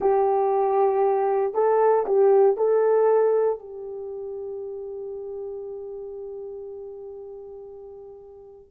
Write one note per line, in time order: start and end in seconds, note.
0.00 1.54 G4
1.54 2.05 A4
2.06 2.56 G4
2.56 3.59 A4
3.59 8.71 G4